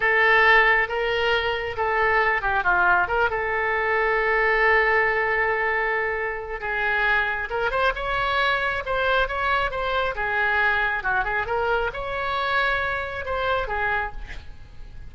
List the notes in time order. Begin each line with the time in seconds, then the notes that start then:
0.00 A4
0.88 A#4
1.76 A4
2.41 G4
2.63 F4
3.07 A#4
3.30 A4
6.60 G#4
7.49 A#4
7.70 C5
7.95 C#5
8.85 C5
9.28 C#5
9.70 C5
10.15 G#4
11.03 F#4
11.24 G#4
11.46 A#4
11.93 C#5
13.25 C5
13.67 G#4